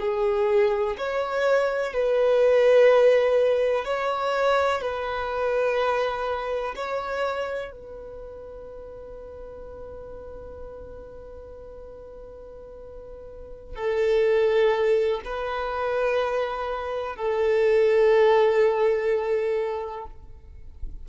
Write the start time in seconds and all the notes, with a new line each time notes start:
0.00 G#4
0.98 C#5
1.94 B4
3.85 C#5
4.82 B4
6.76 C#5
7.72 B4
13.76 A4
15.26 B4
17.16 A4